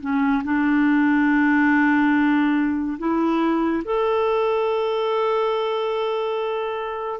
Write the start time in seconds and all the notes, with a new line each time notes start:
0.00 C#4
0.44 D4
2.98 E4
3.84 A4